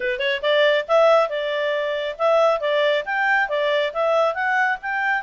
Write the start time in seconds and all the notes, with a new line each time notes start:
0.00 B4
0.19 C#5
0.42 D5
0.88 E5
1.29 D5
2.18 E5
2.60 D5
3.05 G5
3.48 D5
3.93 E5
4.34 F#5
4.81 G5